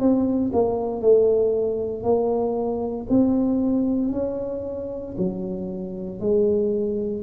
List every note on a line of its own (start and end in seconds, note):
0.00 0.52 C4
0.53 1.02 A#3
1.02 2.03 A3
2.03 3.07 A#3
3.09 4.12 C4
4.12 5.16 C#4
5.18 6.20 F#3
6.20 7.23 G#3